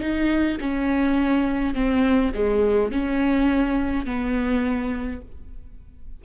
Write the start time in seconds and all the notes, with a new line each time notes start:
0.00 D#4
0.60 C#4
1.74 C4
2.34 G#3
2.91 C#4
4.06 B3